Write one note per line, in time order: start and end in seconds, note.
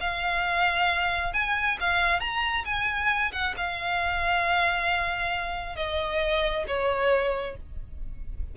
0.00 1.33 F5
1.33 1.78 G#5
1.80 2.20 F5
2.20 2.64 A#5
2.65 3.32 G#5
3.32 3.54 F#5
3.57 5.75 F5
5.75 6.64 D#5
6.67 7.56 C#5